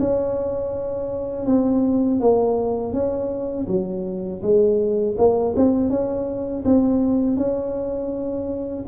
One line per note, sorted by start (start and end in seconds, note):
0.00 1.46 C#4
1.46 2.20 C4
2.20 2.93 A#3
2.93 3.67 C#4
3.68 4.42 F#3
4.42 5.16 G#3
5.18 5.55 A#3
5.56 5.90 C4
5.90 6.64 C#4
6.65 7.37 C4
7.37 8.85 C#4